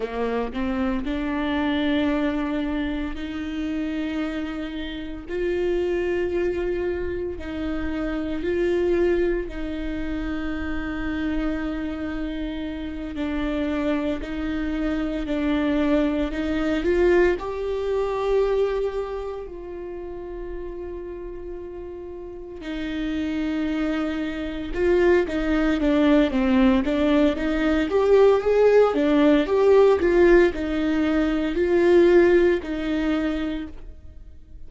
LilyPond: \new Staff \with { instrumentName = "viola" } { \time 4/4 \tempo 4 = 57 ais8 c'8 d'2 dis'4~ | dis'4 f'2 dis'4 | f'4 dis'2.~ | dis'8 d'4 dis'4 d'4 dis'8 |
f'8 g'2 f'4.~ | f'4. dis'2 f'8 | dis'8 d'8 c'8 d'8 dis'8 g'8 gis'8 d'8 | g'8 f'8 dis'4 f'4 dis'4 | }